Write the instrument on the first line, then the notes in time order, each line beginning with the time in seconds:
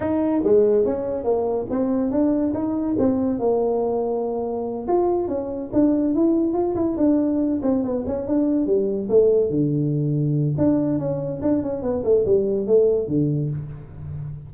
tuba
0.00 D#4
0.43 G#3
0.85 C#4
1.24 A#3
1.70 C4
2.10 D4
2.54 D#4
2.98 C4
3.39 A#3
4.87 F4
5.28 C#4
5.72 D4
6.14 E4
6.53 F4
6.75 E4
6.97 D4
7.62 C4
7.83 B3
8.06 C#4
8.27 D4
8.66 G3
9.09 A3
9.50 D3
10.57 D4
10.98 C#4
11.42 D4
11.62 C#4
11.82 B3
12.03 A3
12.25 G3
12.66 A3
13.07 D3